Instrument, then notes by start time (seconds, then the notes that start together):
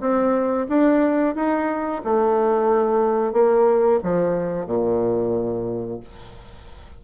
bassoon
0.00 C4
0.68 D4
1.35 D#4
2.04 A3
3.33 A#3
4.03 F3
4.66 A#2